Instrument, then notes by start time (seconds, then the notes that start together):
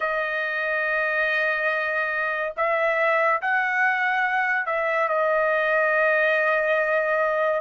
trumpet
0.00 D#5
2.56 E5
3.41 F#5
4.66 E5
5.08 D#5